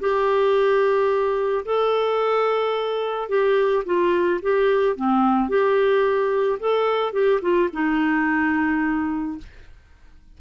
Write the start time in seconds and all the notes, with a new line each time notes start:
0.00 G4
1.65 A4
3.29 G4
3.86 F4
4.42 G4
4.96 C4
5.49 G4
6.60 A4
7.13 G4
7.42 F4
7.73 D#4